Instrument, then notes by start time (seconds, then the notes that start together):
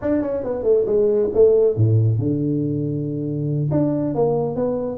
tuba
0.01 D4
0.21 C#4
0.43 B3
0.63 A3
0.86 G#3
1.33 A3
1.76 A2
2.18 D3
3.71 D4
4.15 A#3
4.55 B3